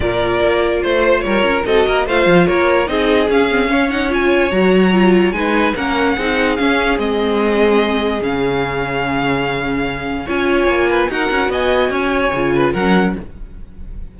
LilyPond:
<<
  \new Staff \with { instrumentName = "violin" } { \time 4/4 \tempo 4 = 146 d''2 c''4 cis''4 | dis''4 f''4 cis''4 dis''4 | f''4. fis''8 gis''4 ais''4~ | ais''4 gis''4 fis''2 |
f''4 dis''2. | f''1~ | f''4 gis''2 fis''4 | gis''2. fis''4 | }
  \new Staff \with { instrumentName = "violin" } { \time 4/4 ais'2 c''4 ais'4 | a'8 ais'8 c''4 ais'4 gis'4~ | gis'4 cis''2.~ | cis''4 b'4 ais'4 gis'4~ |
gis'1~ | gis'1~ | gis'4 cis''4. b'8 ais'4 | dis''4 cis''4. b'8 ais'4 | }
  \new Staff \with { instrumentName = "viola" } { \time 4/4 f'1 | fis'4 f'2 dis'4 | cis'8 c'8 cis'8 dis'8 f'4 fis'4 | f'4 dis'4 cis'4 dis'4 |
cis'4 c'2. | cis'1~ | cis'4 f'2 fis'4~ | fis'2 f'4 cis'4 | }
  \new Staff \with { instrumentName = "cello" } { \time 4/4 ais,4 ais4 a4 g8 cis'8 | c'8 ais8 a8 f8 ais4 c'4 | cis'2. fis4~ | fis4 gis4 ais4 c'4 |
cis'4 gis2. | cis1~ | cis4 cis'4 ais4 dis'8 cis'8 | b4 cis'4 cis4 fis4 | }
>>